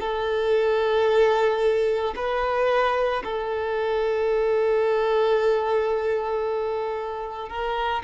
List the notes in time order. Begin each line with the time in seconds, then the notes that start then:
0.00 A4
2.16 B4
3.24 A4
7.49 A#4